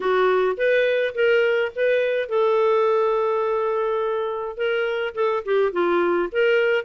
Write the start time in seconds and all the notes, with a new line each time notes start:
0.00 F#4
0.57 B4
1.14 A#4
1.75 B4
2.28 A4
4.57 A#4
5.15 A4
5.45 G4
5.72 F4
6.32 A#4